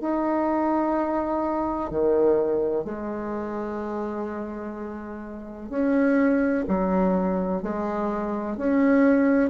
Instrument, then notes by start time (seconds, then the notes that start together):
bassoon
0.00 D#4
1.90 D#3
2.84 G#3
5.69 C#4
6.68 F#3
7.62 G#3
8.57 C#4